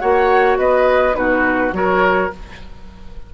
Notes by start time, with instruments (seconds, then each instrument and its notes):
0.00 bassoon A#3, clarinet F#4, oboe C#5, flute F#5
0.58 bassoon B3, oboe B4, flute D#5
1.14 bassoon B2, clarinet D#4, oboe F#4, flute B4
1.73 bassoon F#3, clarinet F#4, oboe A#4, flute C#5